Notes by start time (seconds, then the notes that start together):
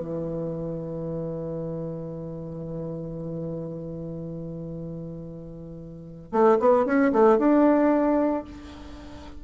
0.00 E3
6.32 A3
6.60 B3
6.86 C#4
7.13 A3
7.39 D4